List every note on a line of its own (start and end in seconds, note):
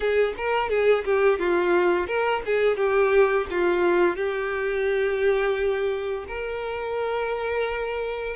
0.00 0.33 G#4
0.37 0.69 A#4
0.69 1.04 G#4
1.04 1.39 G4
1.39 2.07 F4
2.07 2.42 A#4
2.45 2.76 G#4
2.76 3.46 G4
3.50 4.16 F4
4.16 6.25 G4
6.27 8.36 A#4